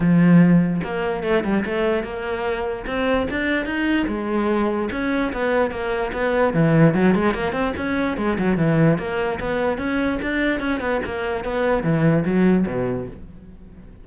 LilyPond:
\new Staff \with { instrumentName = "cello" } { \time 4/4 \tempo 4 = 147 f2 ais4 a8 g8 | a4 ais2 c'4 | d'4 dis'4 gis2 | cis'4 b4 ais4 b4 |
e4 fis8 gis8 ais8 c'8 cis'4 | gis8 fis8 e4 ais4 b4 | cis'4 d'4 cis'8 b8 ais4 | b4 e4 fis4 b,4 | }